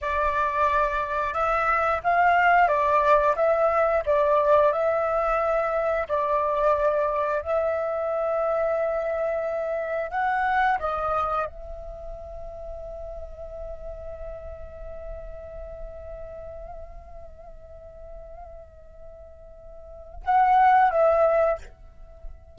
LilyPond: \new Staff \with { instrumentName = "flute" } { \time 4/4 \tempo 4 = 89 d''2 e''4 f''4 | d''4 e''4 d''4 e''4~ | e''4 d''2 e''4~ | e''2. fis''4 |
dis''4 e''2.~ | e''1~ | e''1~ | e''2 fis''4 e''4 | }